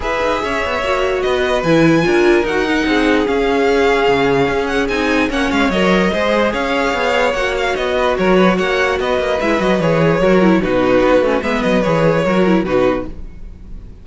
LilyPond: <<
  \new Staff \with { instrumentName = "violin" } { \time 4/4 \tempo 4 = 147 e''2. dis''4 | gis''2 fis''2 | f''2.~ f''8 fis''8 | gis''4 fis''8 f''8 dis''2 |
f''2 fis''8 f''8 dis''4 | cis''4 fis''4 dis''4 e''8 dis''8 | cis''2 b'2 | e''8 dis''8 cis''2 b'4 | }
  \new Staff \with { instrumentName = "violin" } { \time 4/4 b'4 cis''2 b'4~ | b'4 ais'2 gis'4~ | gis'1~ | gis'4 cis''2 c''4 |
cis''2.~ cis''8 b'8 | ais'8 b'8 cis''4 b'2~ | b'4 ais'4 fis'2 | b'2 ais'4 fis'4 | }
  \new Staff \with { instrumentName = "viola" } { \time 4/4 gis'2 fis'2 | e'4 f'4 fis'8 dis'4. | cis'1 | dis'4 cis'4 ais'4 gis'4~ |
gis'2 fis'2~ | fis'2. e'8 fis'8 | gis'4 fis'8 e'8 dis'4. cis'8 | b4 gis'4 fis'8 e'8 dis'4 | }
  \new Staff \with { instrumentName = "cello" } { \time 4/4 e'8 dis'8 cis'8 b8 ais4 b4 | e4 d'4 dis'4 c'4 | cis'2 cis4 cis'4 | c'4 ais8 gis8 fis4 gis4 |
cis'4 b4 ais4 b4 | fis4 ais4 b8 ais8 gis8 fis8 | e4 fis4 b,4 b8 a8 | gis8 fis8 e4 fis4 b,4 | }
>>